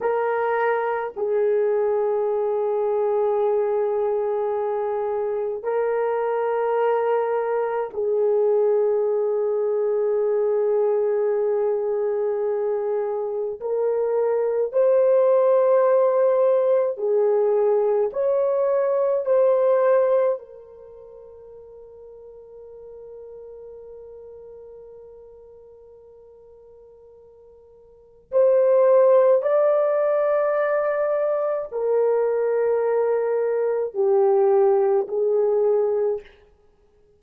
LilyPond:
\new Staff \with { instrumentName = "horn" } { \time 4/4 \tempo 4 = 53 ais'4 gis'2.~ | gis'4 ais'2 gis'4~ | gis'1 | ais'4 c''2 gis'4 |
cis''4 c''4 ais'2~ | ais'1~ | ais'4 c''4 d''2 | ais'2 g'4 gis'4 | }